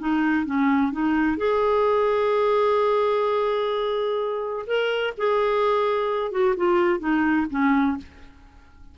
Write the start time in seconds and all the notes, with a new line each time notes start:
0.00 D#4
0.46 C#4
0.93 D#4
1.38 G#4
4.67 A#4
5.18 G#4
6.32 F#4
6.57 F4
7.00 D#4
7.51 C#4